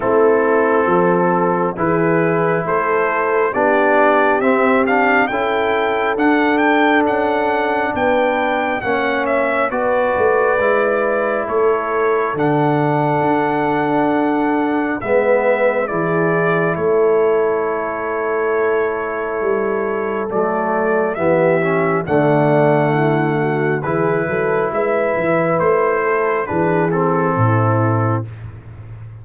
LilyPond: <<
  \new Staff \with { instrumentName = "trumpet" } { \time 4/4 \tempo 4 = 68 a'2 b'4 c''4 | d''4 e''8 f''8 g''4 fis''8 g''8 | fis''4 g''4 fis''8 e''8 d''4~ | d''4 cis''4 fis''2~ |
fis''4 e''4 d''4 cis''4~ | cis''2. d''4 | e''4 fis''2 b'4 | e''4 c''4 b'8 a'4. | }
  \new Staff \with { instrumentName = "horn" } { \time 4/4 e'4 a'4 gis'4 a'4 | g'2 a'2~ | a'4 b'4 cis''4 b'4~ | b'4 a'2.~ |
a'4 b'4 gis'4 a'4~ | a'1 | g'4 d''4 e'8 fis'8 gis'8 a'8 | b'4. a'8 gis'4 e'4 | }
  \new Staff \with { instrumentName = "trombone" } { \time 4/4 c'2 e'2 | d'4 c'8 d'8 e'4 d'4~ | d'2 cis'4 fis'4 | e'2 d'2~ |
d'4 b4 e'2~ | e'2. a4 | b8 cis'8 a2 e'4~ | e'2 d'8 c'4. | }
  \new Staff \with { instrumentName = "tuba" } { \time 4/4 a4 f4 e4 a4 | b4 c'4 cis'4 d'4 | cis'4 b4 ais4 b8 a8 | gis4 a4 d4 d'4~ |
d'4 gis4 e4 a4~ | a2 g4 fis4 | e4 d2 e8 fis8 | gis8 e8 a4 e4 a,4 | }
>>